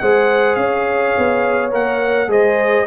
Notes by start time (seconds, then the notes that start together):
0.00 G#3 G#4 C5 F#5
0.55 C#4 C#5 F5
1.18 B3
1.71 A#3 A#4 F#5
2.28 G#3 G#4 C5 D#5